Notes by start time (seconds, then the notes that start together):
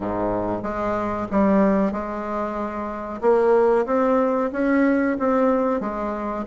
0.00 G#2
0.62 G#3
1.31 G3
1.91 G#3
3.21 A#3
3.85 C4
4.52 C#4
5.19 C4
5.80 G#3